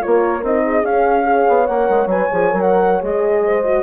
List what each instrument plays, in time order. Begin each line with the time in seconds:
0.00 bassoon A#3, horn F4 A#4, flute C#5
0.43 bassoon C4, horn D#4, flute D#5
0.64 horn G#4
0.83 bassoon C#4, horn C#4, flute F5
1.23 horn G#4 C#5
1.49 bassoon B3
1.66 bassoon A#3, horn A#4, flute F#5
1.89 bassoon G#3
2.06 bassoon F#3, horn B4, flute G#5
2.32 bassoon F3, horn G#4
2.50 bassoon F#3, horn A#4
2.61 flute F#5
3.01 bassoon G#3, horn G#4, flute D#5
3.45 horn C5
3.64 horn F#4